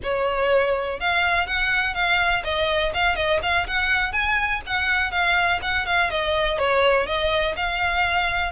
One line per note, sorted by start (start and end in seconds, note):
0.03 1.00 C#5
1.00 1.46 F5
1.46 1.94 F#5
1.94 2.43 F5
2.44 2.92 D#5
2.94 3.15 F5
3.15 3.40 D#5
3.42 3.66 F5
3.67 4.12 F#5
4.12 4.61 G#5
4.66 5.11 F#5
5.11 5.60 F5
5.62 5.86 F#5
5.86 6.10 F5
6.10 6.58 D#5
6.58 7.06 C#5
7.06 7.55 D#5
7.56 8.52 F5